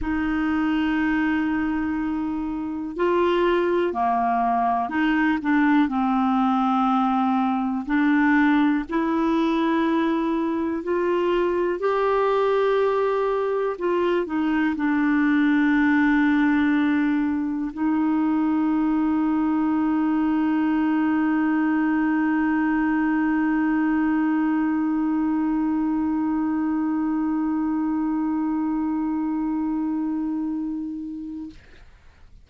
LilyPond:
\new Staff \with { instrumentName = "clarinet" } { \time 4/4 \tempo 4 = 61 dis'2. f'4 | ais4 dis'8 d'8 c'2 | d'4 e'2 f'4 | g'2 f'8 dis'8 d'4~ |
d'2 dis'2~ | dis'1~ | dis'1~ | dis'1 | }